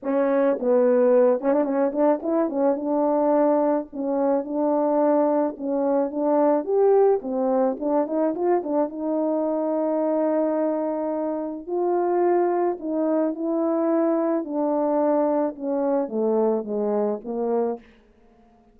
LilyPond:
\new Staff \with { instrumentName = "horn" } { \time 4/4 \tempo 4 = 108 cis'4 b4. cis'16 d'16 cis'8 d'8 | e'8 cis'8 d'2 cis'4 | d'2 cis'4 d'4 | g'4 c'4 d'8 dis'8 f'8 d'8 |
dis'1~ | dis'4 f'2 dis'4 | e'2 d'2 | cis'4 a4 gis4 ais4 | }